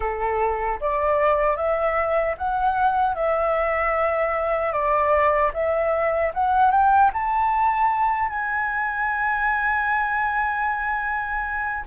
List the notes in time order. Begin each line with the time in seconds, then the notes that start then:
0.00 A4
0.80 D5
1.56 E5
2.37 F#5
3.15 E5
4.72 D5
5.53 E5
6.34 F#5
6.71 G5
7.13 A5
8.29 G#5